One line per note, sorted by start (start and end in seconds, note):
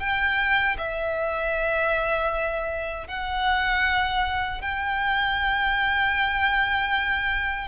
0.00 0.77 G5
0.78 3.08 E5
3.08 4.62 F#5
4.62 7.68 G5